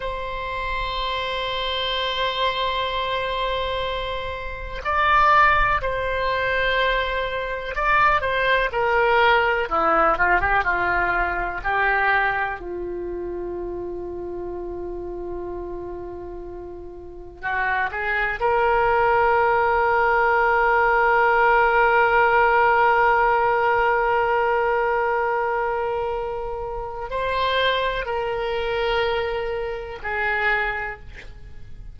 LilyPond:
\new Staff \with { instrumentName = "oboe" } { \time 4/4 \tempo 4 = 62 c''1~ | c''4 d''4 c''2 | d''8 c''8 ais'4 e'8 f'16 g'16 f'4 | g'4 f'2.~ |
f'2 fis'8 gis'8 ais'4~ | ais'1~ | ais'1 | c''4 ais'2 gis'4 | }